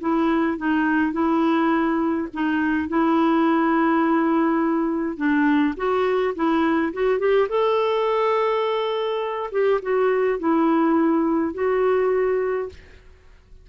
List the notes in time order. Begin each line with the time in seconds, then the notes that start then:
0.00 E4
0.57 D#4
1.12 E4
2.33 D#4
2.88 E4
5.17 D4
5.76 F#4
6.35 E4
6.93 F#4
7.19 G4
7.48 A4
9.51 G4
9.82 F#4
10.39 E4
11.54 F#4